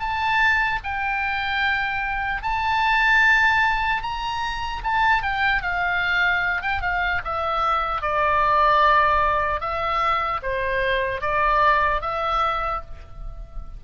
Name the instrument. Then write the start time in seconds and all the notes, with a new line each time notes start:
oboe
0.00 A5
0.84 G5
2.43 A5
4.03 A#5
4.84 A5
5.23 G5
5.63 F5
6.62 G5
6.82 F5
7.25 E5
8.02 D5
9.61 E5
10.43 C5
11.22 D5
12.01 E5